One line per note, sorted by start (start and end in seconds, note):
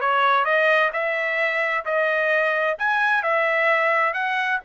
0.00 0.44 C#5
0.44 0.91 D#5
0.92 1.85 E5
1.85 2.77 D#5
2.78 3.22 G#5
3.22 4.13 E5
4.13 4.59 F#5